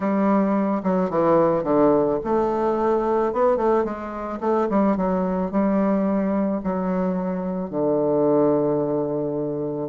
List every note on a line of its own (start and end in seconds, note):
0.00 0.82 G3
0.83 1.10 F#3
1.10 1.63 E3
1.63 2.18 D3
2.24 3.32 A3
3.32 3.56 B3
3.56 3.84 A3
3.84 4.39 G#3
4.40 4.68 A3
4.69 4.96 G3
4.96 5.51 F#3
5.51 6.61 G3
6.63 7.70 F#3
7.70 9.89 D3